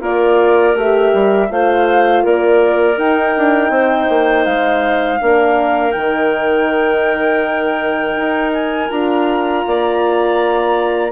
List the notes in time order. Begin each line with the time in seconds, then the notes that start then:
0.00 A#3 F4 A#4 D5
0.75 A3 G4 E5
1.13 G3
1.50 A3 F4 C5 F5
2.23 A#3 A#4 D5
2.97 D#4 G5
3.37 D4
3.70 C4 C5
4.09 A#3
4.45 G#3 F5
5.19 A#3 D4 A#4
5.92 D#3 D#4 G5
8.15 D#4
8.53 G#5
8.89 D4 F4 A#5
9.66 A#3 D5